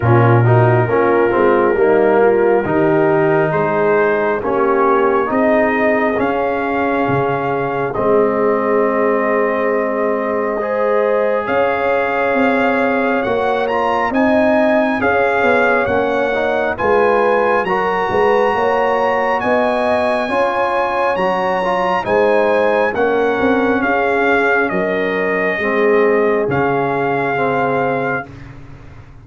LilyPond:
<<
  \new Staff \with { instrumentName = "trumpet" } { \time 4/4 \tempo 4 = 68 ais'1 | c''4 cis''4 dis''4 f''4~ | f''4 dis''2.~ | dis''4 f''2 fis''8 ais''8 |
gis''4 f''4 fis''4 gis''4 | ais''2 gis''2 | ais''4 gis''4 fis''4 f''4 | dis''2 f''2 | }
  \new Staff \with { instrumentName = "horn" } { \time 4/4 f'8 fis'8 f'4 dis'8 f'8 g'4 | gis'4 g'4 gis'2~ | gis'1 | c''4 cis''2. |
dis''4 cis''2 b'4 | ais'8 b'8 cis''4 dis''4 cis''4~ | cis''4 c''4 ais'4 gis'4 | ais'4 gis'2. | }
  \new Staff \with { instrumentName = "trombone" } { \time 4/4 cis'8 dis'8 cis'8 c'8 ais4 dis'4~ | dis'4 cis'4 dis'4 cis'4~ | cis'4 c'2. | gis'2. fis'8 f'8 |
dis'4 gis'4 cis'8 dis'8 f'4 | fis'2. f'4 | fis'8 f'8 dis'4 cis'2~ | cis'4 c'4 cis'4 c'4 | }
  \new Staff \with { instrumentName = "tuba" } { \time 4/4 ais,4 ais8 gis8 g4 dis4 | gis4 ais4 c'4 cis'4 | cis4 gis2.~ | gis4 cis'4 c'4 ais4 |
c'4 cis'8 b8 ais4 gis4 | fis8 gis8 ais4 b4 cis'4 | fis4 gis4 ais8 c'8 cis'4 | fis4 gis4 cis2 | }
>>